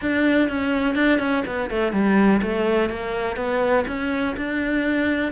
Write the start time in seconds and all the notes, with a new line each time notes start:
0.01 D4
0.48 C#4
0.95 D4
1.19 C#4
1.46 B3
1.69 A3
1.92 G3
2.41 A3
2.89 A#3
3.36 B3
3.87 C#4
4.36 D4